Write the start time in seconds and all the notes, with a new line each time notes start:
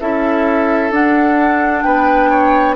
0.00 C#4 E4 A4 E5
0.91 D4 F#5
1.83 B3 B4 G5
2.30 C#5